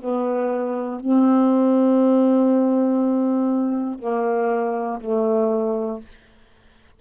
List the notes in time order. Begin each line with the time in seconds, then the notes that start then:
0.00 B3
1.00 C4
3.99 A#3
5.00 A3